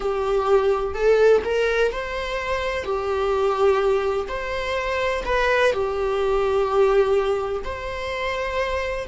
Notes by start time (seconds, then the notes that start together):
0.00 G4
0.94 A4
1.44 A#4
1.91 C5
2.84 G4
4.28 C5
5.25 B4
5.72 G4
7.64 C5